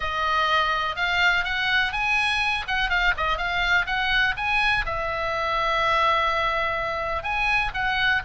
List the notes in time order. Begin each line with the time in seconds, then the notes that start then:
0.00 D#5
0.96 F5
1.44 F#5
1.92 G#5
2.67 F#5
2.89 F5
3.17 D#5
3.37 F5
3.86 F#5
4.36 G#5
4.85 E5
7.23 G#5
7.74 F#5